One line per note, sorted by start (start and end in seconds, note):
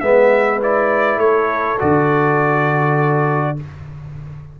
0.00 1.16 G#3
0.00 0.61 B3
0.00 1.21 B4
0.00 0.59 E5
0.61 1.78 E4
0.61 1.19 D5
1.16 1.76 A3
1.16 3.58 A4
1.16 1.78 C#5
1.78 3.60 D3
1.78 3.56 F#4
1.78 3.58 D5